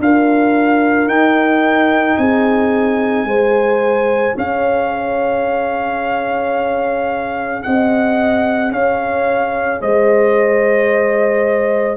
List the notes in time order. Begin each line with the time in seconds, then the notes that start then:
0.00 D4 F4 A#4 F5
1.07 D#4 G5
2.18 C4 G#4 G#5
3.25 G#3 G#4 C5
4.37 C#4 C#5 F5
7.63 C4 D#5 F#5
8.72 C#4 C#5 F5
9.82 G#3 C5 D#5